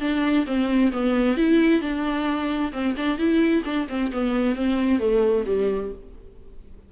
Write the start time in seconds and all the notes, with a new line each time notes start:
0.00 D4
0.46 C4
0.92 B3
1.37 E4
1.81 D4
2.72 C4
2.97 D4
3.18 E4
3.65 D4
3.89 C4
4.12 B3
4.56 C4
4.99 A3
5.46 G3